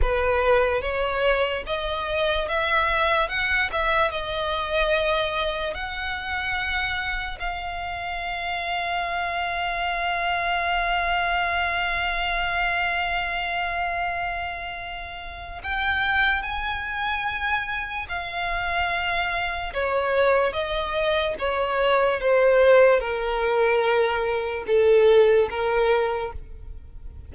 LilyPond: \new Staff \with { instrumentName = "violin" } { \time 4/4 \tempo 4 = 73 b'4 cis''4 dis''4 e''4 | fis''8 e''8 dis''2 fis''4~ | fis''4 f''2.~ | f''1~ |
f''2. g''4 | gis''2 f''2 | cis''4 dis''4 cis''4 c''4 | ais'2 a'4 ais'4 | }